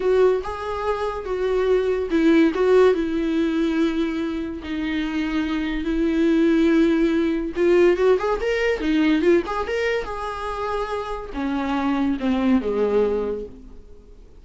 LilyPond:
\new Staff \with { instrumentName = "viola" } { \time 4/4 \tempo 4 = 143 fis'4 gis'2 fis'4~ | fis'4 e'4 fis'4 e'4~ | e'2. dis'4~ | dis'2 e'2~ |
e'2 f'4 fis'8 gis'8 | ais'4 dis'4 f'8 gis'8 ais'4 | gis'2. cis'4~ | cis'4 c'4 gis2 | }